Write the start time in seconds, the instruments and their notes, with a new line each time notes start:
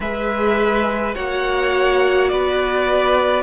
0.00 cello G#3, viola G#4, violin B4 E5
1.14 cello A#3, viola F#4, violin C#5 F#5
2.28 cello B3, violin B4 D5